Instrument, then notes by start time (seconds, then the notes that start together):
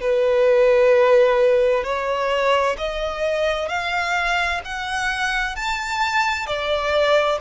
violin
0.00 B4
1.83 C#5
2.78 D#5
3.68 F5
4.64 F#5
5.56 A5
6.46 D5